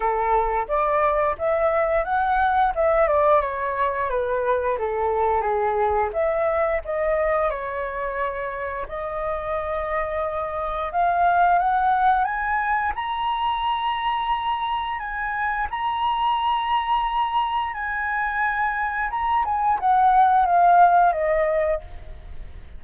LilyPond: \new Staff \with { instrumentName = "flute" } { \time 4/4 \tempo 4 = 88 a'4 d''4 e''4 fis''4 | e''8 d''8 cis''4 b'4 a'4 | gis'4 e''4 dis''4 cis''4~ | cis''4 dis''2. |
f''4 fis''4 gis''4 ais''4~ | ais''2 gis''4 ais''4~ | ais''2 gis''2 | ais''8 gis''8 fis''4 f''4 dis''4 | }